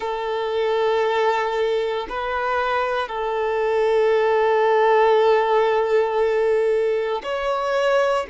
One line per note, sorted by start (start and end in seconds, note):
0.00 2.07 A4
2.09 3.08 B4
3.08 7.22 A4
7.23 8.26 C#5